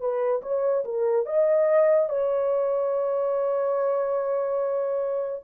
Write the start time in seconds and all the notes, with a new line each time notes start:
0.00 B4
0.42 C#5
0.85 A#4
1.26 D#5
2.09 C#5